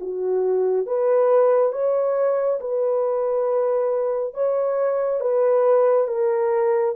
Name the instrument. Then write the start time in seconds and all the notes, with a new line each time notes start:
horn
0.00 F#4
0.86 B4
1.72 C#5
2.60 B4
4.34 C#5
5.21 B4
6.08 A#4